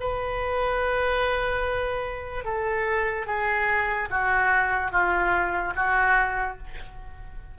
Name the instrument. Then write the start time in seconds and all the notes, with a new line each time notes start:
oboe
0.00 B4
2.44 A4
3.27 G#4
4.10 F#4
4.91 F4
5.75 F#4